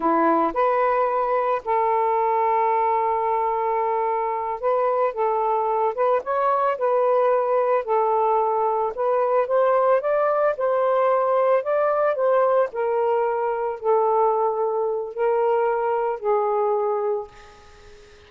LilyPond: \new Staff \with { instrumentName = "saxophone" } { \time 4/4 \tempo 4 = 111 e'4 b'2 a'4~ | a'1~ | a'8 b'4 a'4. b'8 cis''8~ | cis''8 b'2 a'4.~ |
a'8 b'4 c''4 d''4 c''8~ | c''4. d''4 c''4 ais'8~ | ais'4. a'2~ a'8 | ais'2 gis'2 | }